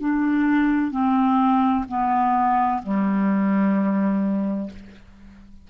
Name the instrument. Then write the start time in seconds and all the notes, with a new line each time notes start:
clarinet
0.00 D4
0.91 C4
1.88 B3
2.83 G3